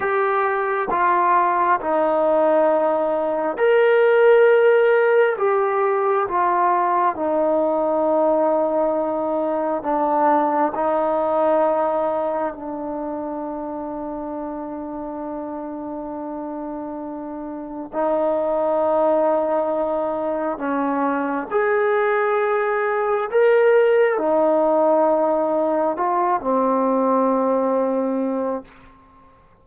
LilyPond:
\new Staff \with { instrumentName = "trombone" } { \time 4/4 \tempo 4 = 67 g'4 f'4 dis'2 | ais'2 g'4 f'4 | dis'2. d'4 | dis'2 d'2~ |
d'1 | dis'2. cis'4 | gis'2 ais'4 dis'4~ | dis'4 f'8 c'2~ c'8 | }